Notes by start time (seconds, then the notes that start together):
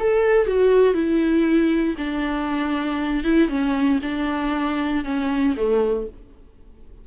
0.00 A4
0.47 F#4
0.94 E4
1.98 D4
3.24 E4
3.49 C#4
4.03 D4
5.05 C#4
5.57 A3